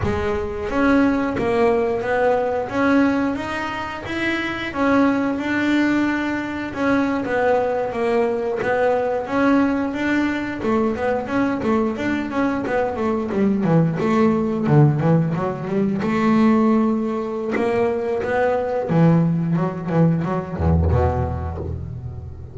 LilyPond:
\new Staff \with { instrumentName = "double bass" } { \time 4/4 \tempo 4 = 89 gis4 cis'4 ais4 b4 | cis'4 dis'4 e'4 cis'4 | d'2 cis'8. b4 ais16~ | ais8. b4 cis'4 d'4 a16~ |
a16 b8 cis'8 a8 d'8 cis'8 b8 a8 g16~ | g16 e8 a4 d8 e8 fis8 g8 a16~ | a2 ais4 b4 | e4 fis8 e8 fis8 e,8 b,4 | }